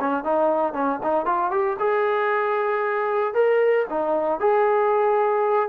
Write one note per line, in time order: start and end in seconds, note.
0.00 0.24 C#4
0.24 0.73 D#4
0.73 0.99 C#4
1.03 1.26 D#4
1.26 1.51 F4
1.51 1.77 G4
1.79 3.34 G#4
3.34 3.86 A#4
3.89 4.40 D#4
4.40 5.69 G#4